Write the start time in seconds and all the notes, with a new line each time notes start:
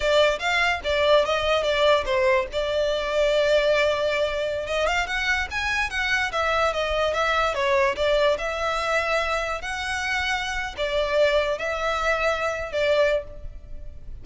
0.00 D5
0.39 F5
0.84 D5
1.25 D#5
1.63 D5
2.05 C5
2.52 D5
4.66 D#5
4.87 F5
5.06 F#5
5.50 G#5
5.90 F#5
6.32 E5
6.73 D#5
7.13 E5
7.54 C#5
7.96 D5
8.38 E5
9.61 F#5
10.77 D5
11.58 E5
12.72 D5